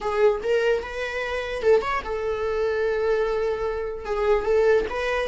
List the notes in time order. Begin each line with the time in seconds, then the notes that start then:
0.00 G#4
0.43 A#4
0.83 B4
1.62 A4
1.81 C#5
2.04 A4
4.05 G#4
4.44 A4
4.89 B4